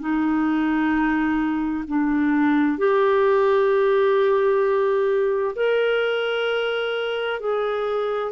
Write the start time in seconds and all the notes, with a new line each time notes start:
0.00 D#4
1.88 D4
2.78 G4
5.56 A#4
7.40 G#4